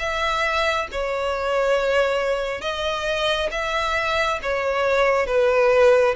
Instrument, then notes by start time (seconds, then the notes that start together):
violin
0.00 E5
0.92 C#5
2.62 D#5
3.52 E5
4.43 C#5
5.27 B4